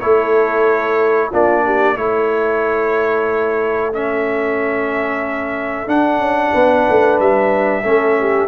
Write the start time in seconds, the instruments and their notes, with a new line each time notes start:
0.00 tuba A3, trombone E4, horn A4, trumpet C#5
1.30 tuba A#3, trombone D4, horn F4, trumpet D5
1.65 horn G4
1.96 tuba A3, trombone E4, horn A4, trumpet C#5
3.93 trombone C#4, trumpet E5
5.87 tuba D4, trombone D4, trumpet F#5
6.18 tuba C#4
6.53 tuba B3, horn B4
6.90 tuba A3
7.20 tuba G3, trumpet E5
7.83 tuba A3, trombone C#4, horn A4
8.20 horn G4